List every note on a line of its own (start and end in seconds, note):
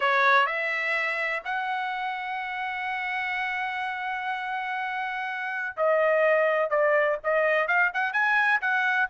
0.00 0.46 C#5
0.46 1.42 E5
1.44 5.76 F#5
5.76 6.70 D#5
6.70 7.18 D5
7.23 7.67 D#5
7.67 7.91 F5
7.93 8.13 F#5
8.13 8.61 G#5
8.61 9.09 F#5